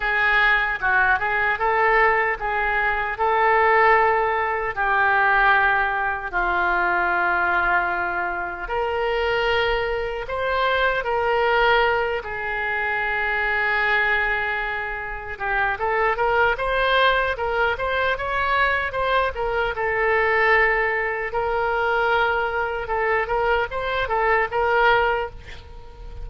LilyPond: \new Staff \with { instrumentName = "oboe" } { \time 4/4 \tempo 4 = 76 gis'4 fis'8 gis'8 a'4 gis'4 | a'2 g'2 | f'2. ais'4~ | ais'4 c''4 ais'4. gis'8~ |
gis'2.~ gis'8 g'8 | a'8 ais'8 c''4 ais'8 c''8 cis''4 | c''8 ais'8 a'2 ais'4~ | ais'4 a'8 ais'8 c''8 a'8 ais'4 | }